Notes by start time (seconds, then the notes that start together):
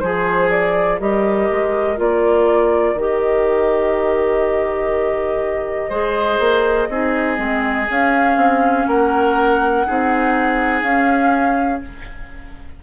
0.00 F3 G#4 C5
0.51 D5
1.00 G3 G4 A#4 D#5
1.52 G#3
1.97 A#3 F4 D5
2.95 D#3 G4 D#5
5.90 G#3 G#4 C5
6.40 A#3
6.89 C4 D#4 G#4
7.37 G#3 C4
7.91 C#4 F5
8.37 C4
8.87 A#3 A#4 F#5
9.87 C4 D#4 G#4
10.83 C#4 F5